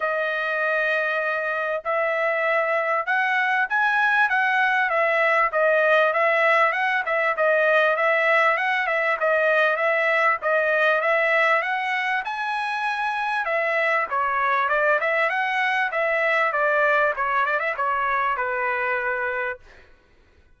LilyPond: \new Staff \with { instrumentName = "trumpet" } { \time 4/4 \tempo 4 = 98 dis''2. e''4~ | e''4 fis''4 gis''4 fis''4 | e''4 dis''4 e''4 fis''8 e''8 | dis''4 e''4 fis''8 e''8 dis''4 |
e''4 dis''4 e''4 fis''4 | gis''2 e''4 cis''4 | d''8 e''8 fis''4 e''4 d''4 | cis''8 d''16 e''16 cis''4 b'2 | }